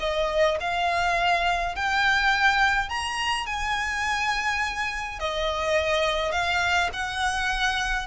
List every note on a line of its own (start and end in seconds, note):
0.00 0.58 D#5
0.60 1.75 F5
1.75 2.89 G5
2.89 3.46 A#5
3.46 5.19 G#5
5.19 6.32 D#5
6.32 6.90 F5
6.93 8.07 F#5